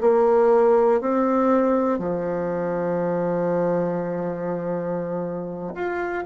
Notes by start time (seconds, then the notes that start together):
0.00 A#3
1.00 C4
1.99 F3
5.74 F4